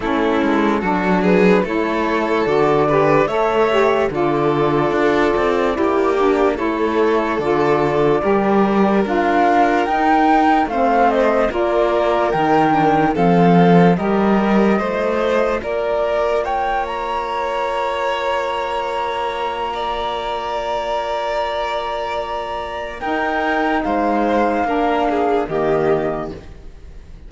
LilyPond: <<
  \new Staff \with { instrumentName = "flute" } { \time 4/4 \tempo 4 = 73 a'4. b'8 cis''4 d''4 | e''4 d''2. | cis''4 d''2 f''4 | g''4 f''8 dis''8 d''4 g''4 |
f''4 dis''2 d''4 | g''8 ais''2.~ ais''8~ | ais''1 | g''4 f''2 dis''4 | }
  \new Staff \with { instrumentName = "violin" } { \time 4/4 e'4 fis'8 gis'8 a'4. b'8 | cis''4 a'2 g'4 | a'2 ais'2~ | ais'4 c''4 ais'2 |
a'4 ais'4 c''4 ais'4 | cis''1 | d''1 | ais'4 c''4 ais'8 gis'8 g'4 | }
  \new Staff \with { instrumentName = "saxophone" } { \time 4/4 cis'4 d'4 e'4 fis'8 g'8 | a'8 g'8 f'2 e'8 d'8 | e'4 f'4 g'4 f'4 | dis'4 c'4 f'4 dis'8 d'8 |
c'4 g'4 f'2~ | f'1~ | f'1 | dis'2 d'4 ais4 | }
  \new Staff \with { instrumentName = "cello" } { \time 4/4 a8 gis8 fis4 a4 d4 | a4 d4 d'8 c'8 ais4 | a4 d4 g4 d'4 | dis'4 a4 ais4 dis4 |
f4 g4 a4 ais4~ | ais1~ | ais1 | dis'4 gis4 ais4 dis4 | }
>>